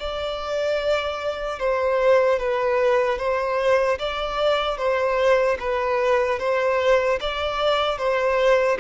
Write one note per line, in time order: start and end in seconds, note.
0.00 1.60 D5
1.60 2.40 C5
2.40 3.19 B4
3.19 3.99 C5
3.99 4.78 D5
4.78 5.58 C5
5.60 6.40 B4
6.40 7.20 C5
7.21 7.99 D5
7.99 8.79 C5